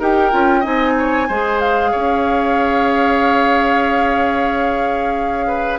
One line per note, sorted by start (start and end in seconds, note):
0.00 0.32 D#4
0.00 0.32 G4
0.00 0.61 A#4
0.00 0.64 G5
0.32 0.66 C#4
0.32 0.64 F4
0.61 1.30 C4
0.61 1.28 D#4
0.61 0.93 D#5
0.61 1.61 G#5
0.99 1.28 C#5
1.28 1.94 G#3
1.28 5.80 G#4
1.28 1.92 C5
1.61 5.80 F5
1.92 5.80 C#4
1.92 5.46 C#5
5.48 5.80 B4